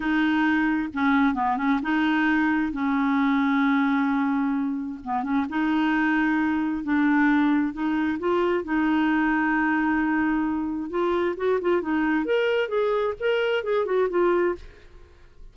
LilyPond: \new Staff \with { instrumentName = "clarinet" } { \time 4/4 \tempo 4 = 132 dis'2 cis'4 b8 cis'8 | dis'2 cis'2~ | cis'2. b8 cis'8 | dis'2. d'4~ |
d'4 dis'4 f'4 dis'4~ | dis'1 | f'4 fis'8 f'8 dis'4 ais'4 | gis'4 ais'4 gis'8 fis'8 f'4 | }